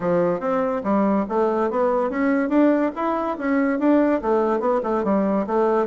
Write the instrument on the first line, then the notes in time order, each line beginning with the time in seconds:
bassoon
0.00 F3
0.40 C4
0.83 G3
1.29 A3
1.70 B3
2.10 C#4
2.49 D4
2.95 E4
3.38 C#4
3.79 D4
4.21 A3
4.59 B3
4.83 A3
5.04 G3
5.46 A3